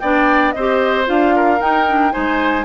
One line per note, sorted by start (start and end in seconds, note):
0.00 0.55 B3
0.00 0.55 D4
0.00 0.55 D5
0.00 0.52 G5
0.52 1.09 C4
0.52 1.35 C5
0.52 1.05 D#5
0.59 1.05 G4
1.05 1.61 D4
1.05 1.59 F4
1.05 1.61 F5
1.36 2.13 A#4
1.61 2.14 D#4
1.61 1.88 D#4
1.61 2.12 G5
1.88 2.12 D4
2.12 2.65 G#3
2.12 2.65 D#4
2.12 2.65 C5
2.12 2.65 G#5